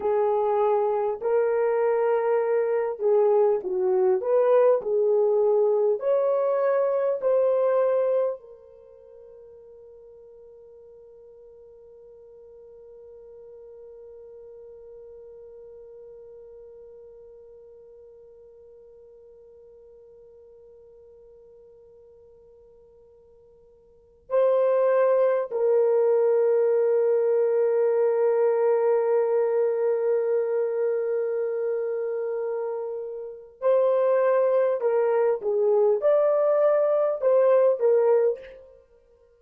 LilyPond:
\new Staff \with { instrumentName = "horn" } { \time 4/4 \tempo 4 = 50 gis'4 ais'4. gis'8 fis'8 b'8 | gis'4 cis''4 c''4 ais'4~ | ais'1~ | ais'1~ |
ais'1~ | ais'16 c''4 ais'2~ ais'8.~ | ais'1 | c''4 ais'8 gis'8 d''4 c''8 ais'8 | }